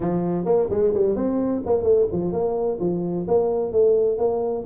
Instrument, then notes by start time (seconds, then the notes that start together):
tuba
0.00 F3
0.45 A#3
0.70 G#3
0.93 G3
1.15 C4
1.66 A#3
1.83 A3
2.12 F3
2.32 A#3
2.80 F3
3.27 A#3
3.71 A3
4.18 A#3